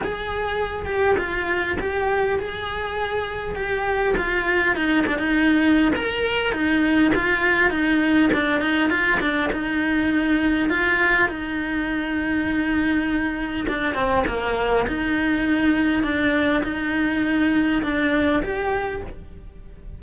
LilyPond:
\new Staff \with { instrumentName = "cello" } { \time 4/4 \tempo 4 = 101 gis'4. g'8 f'4 g'4 | gis'2 g'4 f'4 | dis'8 d'16 dis'4~ dis'16 ais'4 dis'4 | f'4 dis'4 d'8 dis'8 f'8 d'8 |
dis'2 f'4 dis'4~ | dis'2. d'8 c'8 | ais4 dis'2 d'4 | dis'2 d'4 g'4 | }